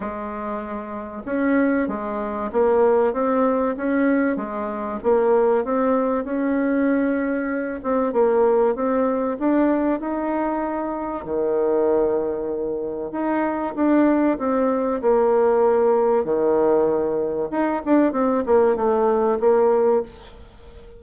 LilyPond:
\new Staff \with { instrumentName = "bassoon" } { \time 4/4 \tempo 4 = 96 gis2 cis'4 gis4 | ais4 c'4 cis'4 gis4 | ais4 c'4 cis'2~ | cis'8 c'8 ais4 c'4 d'4 |
dis'2 dis2~ | dis4 dis'4 d'4 c'4 | ais2 dis2 | dis'8 d'8 c'8 ais8 a4 ais4 | }